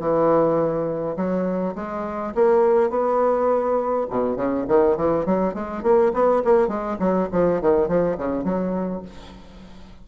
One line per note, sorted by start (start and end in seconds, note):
0.00 1.17 E3
1.17 1.75 F#3
1.76 2.34 G#3
2.35 2.90 A#3
2.90 4.07 B3
4.10 4.36 B2
4.36 4.65 C#3
4.68 4.97 D#3
4.97 5.26 E3
5.26 5.54 F#3
5.54 5.83 G#3
5.83 6.12 A#3
6.14 6.43 B3
6.45 6.69 A#3
6.69 6.98 G#3
7.00 7.29 F#3
7.32 7.61 F3
7.62 7.88 D#3
7.88 8.17 F3
8.18 8.44 C#3
8.44 9.02 F#3